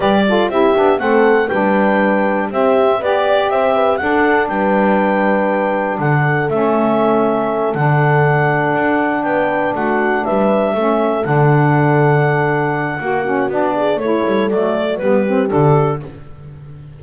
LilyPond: <<
  \new Staff \with { instrumentName = "clarinet" } { \time 4/4 \tempo 4 = 120 d''4 e''4 fis''4 g''4~ | g''4 e''4 d''4 e''4 | fis''4 g''2. | fis''4 e''2~ e''8 fis''8~ |
fis''2~ fis''8 g''4 fis''8~ | fis''8 e''2 fis''4.~ | fis''2. d''4 | cis''4 d''4 b'4 a'4 | }
  \new Staff \with { instrumentName = "horn" } { \time 4/4 b'8 a'8 g'4 a'4 b'4~ | b'4 g'4 b'8 d''8 c''8 b'8 | a'4 b'2. | a'1~ |
a'2~ a'8 b'4 fis'8~ | fis'8 b'4 a'2~ a'8~ | a'2 fis'4. gis'8 | a'2 g'2 | }
  \new Staff \with { instrumentName = "saxophone" } { \time 4/4 g'8 f'8 e'8 d'8 c'4 d'4~ | d'4 c'4 g'2 | d'1~ | d'4 cis'2~ cis'8 d'8~ |
d'1~ | d'4. cis'4 d'4.~ | d'2 fis'8 cis'8 d'4 | e'4 a4 b8 c'8 d'4 | }
  \new Staff \with { instrumentName = "double bass" } { \time 4/4 g4 c'8 b8 a4 g4~ | g4 c'4 b4 c'4 | d'4 g2. | d4 a2~ a8 d8~ |
d4. d'4 b4 a8~ | a8 g4 a4 d4.~ | d2 ais4 b4 | a8 g8 fis4 g4 d4 | }
>>